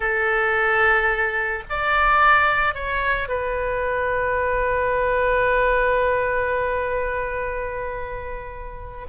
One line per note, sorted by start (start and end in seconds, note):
0.00 1.63 A4
1.69 2.74 D5
2.74 3.28 C#5
3.28 9.06 B4